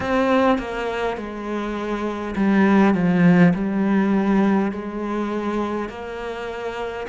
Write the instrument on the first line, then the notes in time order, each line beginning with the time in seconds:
cello
0.00 C4
0.58 A#3
1.17 G#3
2.36 G3
2.94 F3
3.53 G3
4.71 G#3
5.89 A#3